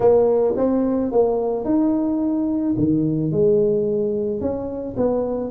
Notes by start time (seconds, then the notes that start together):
0.00 A#3
0.56 C4
1.11 A#3
1.64 D#4
2.77 D#3
3.31 G#3
4.40 C#4
4.96 B3